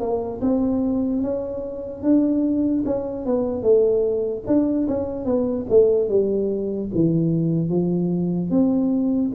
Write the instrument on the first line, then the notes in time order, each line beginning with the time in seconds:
tuba
0.00 A#3
0.41 C4
1.22 C#4
2.03 D4
2.86 C#4
3.25 B3
3.63 A3
4.47 D4
4.88 C#4
5.25 B3
5.69 A3
6.08 G3
6.94 E3
7.69 F3
8.50 C4